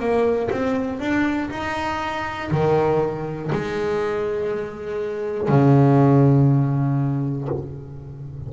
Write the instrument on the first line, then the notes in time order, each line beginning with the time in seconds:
double bass
0.00 A#3
0.51 C4
1.00 D4
1.50 D#4
2.51 D#3
3.52 G#3
5.49 C#3